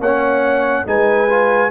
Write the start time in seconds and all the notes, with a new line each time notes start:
0.00 A#3 C#4 C#5 F#5
0.86 G#3 D#4 B4 G#5
1.30 F4